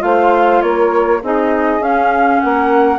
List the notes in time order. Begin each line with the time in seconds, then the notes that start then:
0.00 A3 F4 C5 F5
0.62 A#3 A#4 C#5
1.22 C4 D#4 G#4 D#5
1.80 C#4 F5
2.40 A#3 A#4 F#5